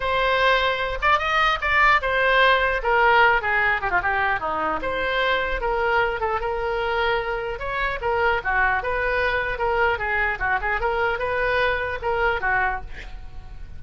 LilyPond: \new Staff \with { instrumentName = "oboe" } { \time 4/4 \tempo 4 = 150 c''2~ c''8 d''8 dis''4 | d''4 c''2 ais'4~ | ais'8 gis'4 g'16 f'16 g'4 dis'4 | c''2 ais'4. a'8 |
ais'2. cis''4 | ais'4 fis'4 b'2 | ais'4 gis'4 fis'8 gis'8 ais'4 | b'2 ais'4 fis'4 | }